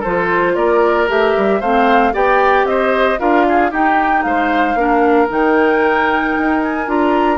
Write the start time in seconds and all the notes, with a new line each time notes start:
0.00 F3 F4 A4 C5
0.55 A#3 A#4 D5
1.08 A3 G4 E5
1.37 G3
1.60 A3 C4 C5 F5
2.13 B3 G4 D5 G5
2.64 C4 C5 D#5
3.19 D4 F4 A#4 F5
3.49 G#4
3.71 D#4 G4 G5
4.23 G#3 C5 F5
4.75 A#3 D4 A#4
5.28 D#3 D#4 G5
6.38 D#4
6.63 G#5
6.87 D4 F4 A#5